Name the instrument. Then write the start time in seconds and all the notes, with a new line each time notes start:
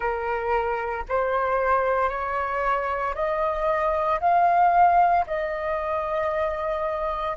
flute
0.00 A#4
1.09 C5
2.09 C#5
3.14 D#5
4.20 F5
5.26 D#5